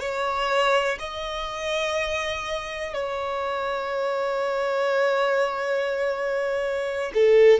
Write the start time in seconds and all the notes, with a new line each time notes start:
0.00 C#5
0.99 D#5
2.94 C#5
7.14 A4